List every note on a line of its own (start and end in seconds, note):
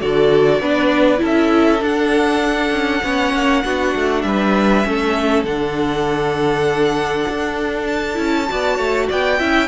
0.00 0.60 D3
0.00 0.61 F#4
0.00 0.61 A4
0.00 1.22 D5
0.60 1.21 B3
0.60 1.17 D4
0.60 1.21 B4
1.17 1.82 C#4
1.17 1.78 E4
1.17 3.03 A4
1.25 1.84 E5
1.81 3.02 D4
1.81 2.71 D4
1.81 4.22 F#5
2.71 3.01 C#4
3.03 3.33 B3
3.03 3.64 C#4
3.03 3.64 C#5
3.33 3.64 A#3
3.64 3.95 B3
3.64 4.84 D4
3.64 4.25 F#4
3.95 4.24 A3
4.22 4.84 G3
4.22 4.88 B4
4.22 5.43 E5
4.84 5.44 A3
4.84 5.45 C#4
4.84 8.50 A4
5.44 7.26 D3
5.44 8.14 D4
5.44 7.86 F#5
7.29 8.19 D4
7.86 9.07 A5
8.14 8.49 C#4
8.14 8.45 E4
8.49 8.78 B3
8.49 9.40 F#4
8.49 8.76 D5
8.76 9.08 A3
8.76 9.06 C#5
9.08 9.40 B3
9.08 9.39 D5
9.08 9.67 G5
9.39 9.67 C#4
9.39 9.67 E4
9.39 9.67 E5